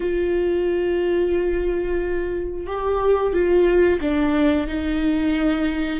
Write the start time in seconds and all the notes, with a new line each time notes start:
0.00 F4
2.66 G4
3.33 F4
4.00 D4
4.67 D#4